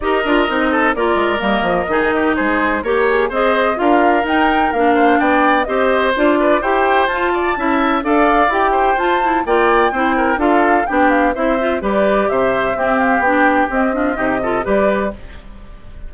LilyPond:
<<
  \new Staff \with { instrumentName = "flute" } { \time 4/4 \tempo 4 = 127 dis''2 d''4 dis''4~ | dis''4 c''4 ais'8 gis'8 dis''4 | f''4 g''4 f''4 g''4 | dis''4 d''4 g''4 a''4~ |
a''4 f''4 g''4 a''4 | g''2 f''4 g''8 f''8 | e''4 d''4 e''4. f''8 | g''4 dis''2 d''4 | }
  \new Staff \with { instrumentName = "oboe" } { \time 4/4 ais'4. a'8 ais'2 | gis'8 g'8 gis'4 cis''4 c''4 | ais'2~ ais'8 c''8 d''4 | c''4. b'8 c''4. d''8 |
e''4 d''4. c''4. | d''4 c''8 ais'8 a'4 g'4 | c''4 b'4 c''4 g'4~ | g'4. f'8 g'8 a'8 b'4 | }
  \new Staff \with { instrumentName = "clarinet" } { \time 4/4 g'8 f'8 dis'4 f'4 ais4 | dis'2 g'4 gis'4 | f'4 dis'4 d'2 | g'4 f'4 g'4 f'4 |
e'4 a'4 g'4 f'8 e'8 | f'4 e'4 f'4 d'4 | e'8 f'8 g'2 c'4 | d'4 c'8 d'8 dis'8 f'8 g'4 | }
  \new Staff \with { instrumentName = "bassoon" } { \time 4/4 dis'8 d'8 c'4 ais8 gis8 g8 f8 | dis4 gis4 ais4 c'4 | d'4 dis'4 ais4 b4 | c'4 d'4 e'4 f'4 |
cis'4 d'4 e'4 f'4 | ais4 c'4 d'4 b4 | c'4 g4 c4 c'4 | b4 c'4 c4 g4 | }
>>